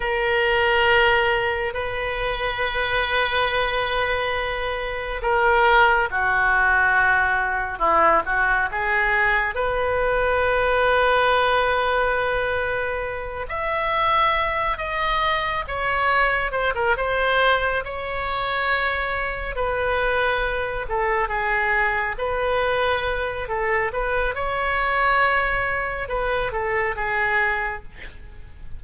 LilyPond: \new Staff \with { instrumentName = "oboe" } { \time 4/4 \tempo 4 = 69 ais'2 b'2~ | b'2 ais'4 fis'4~ | fis'4 e'8 fis'8 gis'4 b'4~ | b'2.~ b'8 e''8~ |
e''4 dis''4 cis''4 c''16 ais'16 c''8~ | c''8 cis''2 b'4. | a'8 gis'4 b'4. a'8 b'8 | cis''2 b'8 a'8 gis'4 | }